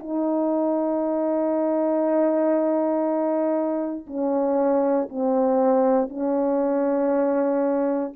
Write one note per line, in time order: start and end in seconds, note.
0.00 4.07 D#4
4.07 5.09 C#4
5.09 6.10 C4
6.10 8.13 C#4